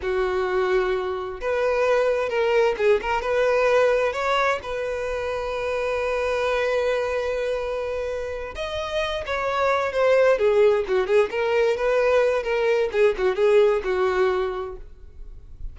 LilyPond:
\new Staff \with { instrumentName = "violin" } { \time 4/4 \tempo 4 = 130 fis'2. b'4~ | b'4 ais'4 gis'8 ais'8 b'4~ | b'4 cis''4 b'2~ | b'1~ |
b'2~ b'8 dis''4. | cis''4. c''4 gis'4 fis'8 | gis'8 ais'4 b'4. ais'4 | gis'8 fis'8 gis'4 fis'2 | }